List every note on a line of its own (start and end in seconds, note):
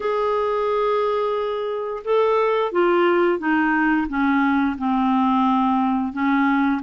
0.00 2.03 G#4
2.04 2.72 A4
2.72 3.38 F4
3.38 4.07 D#4
4.08 4.76 C#4
4.77 6.12 C4
6.12 6.81 C#4